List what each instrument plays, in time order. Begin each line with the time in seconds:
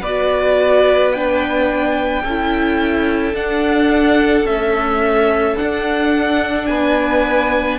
0.00 cello B3, viola F#4, violin B4 D5
1.12 viola D4, violin G5
2.23 cello C#4, violin A4
2.29 viola E4
3.34 cello D4, viola D4, violin F#5
4.44 viola A3, cello C#4, violin E5
5.57 viola D4, cello D4, violin F#5
6.66 cello B3, violin B4 G#5